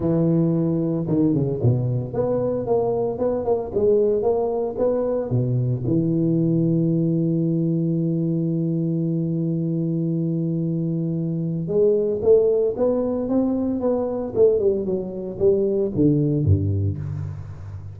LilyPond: \new Staff \with { instrumentName = "tuba" } { \time 4/4 \tempo 4 = 113 e2 dis8 cis8 b,4 | b4 ais4 b8 ais8 gis4 | ais4 b4 b,4 e4~ | e1~ |
e1~ | e2 gis4 a4 | b4 c'4 b4 a8 g8 | fis4 g4 d4 g,4 | }